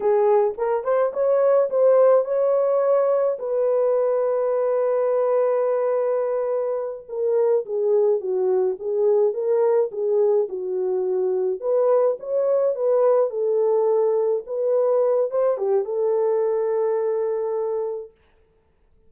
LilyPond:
\new Staff \with { instrumentName = "horn" } { \time 4/4 \tempo 4 = 106 gis'4 ais'8 c''8 cis''4 c''4 | cis''2 b'2~ | b'1~ | b'8 ais'4 gis'4 fis'4 gis'8~ |
gis'8 ais'4 gis'4 fis'4.~ | fis'8 b'4 cis''4 b'4 a'8~ | a'4. b'4. c''8 g'8 | a'1 | }